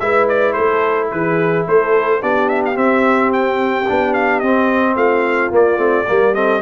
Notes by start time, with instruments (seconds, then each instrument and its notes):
0.00 tuba G#3, trombone E4, horn B4, trumpet E5
0.29 trumpet D5
0.53 tuba A3, horn A4, trumpet C5
1.12 tuba E3, horn G#4, trumpet B4
1.68 tuba A3, horn A4, trumpet C5
2.22 tuba B3, trombone D4, horn G4, trumpet D5
2.49 trumpet E5
2.66 trumpet F5
2.76 trombone C4, tuba C4, trumpet E5
3.33 trumpet G5
3.89 tuba B3, trombone D4
4.14 trumpet F5
4.40 tuba C4, trombone C4, trumpet D#5
4.96 tuba A3, horn F4, trumpet F5
5.52 tuba A#3, trombone A#3, trumpet D5
5.78 tuba A3, trombone C4
6.07 tuba G3, trombone A#3, horn A#4
6.35 trombone C4, horn A4, trumpet D#5